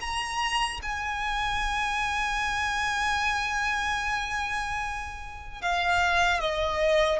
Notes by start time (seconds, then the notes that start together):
0.00 A#5
0.82 G#5
5.61 F5
6.40 D#5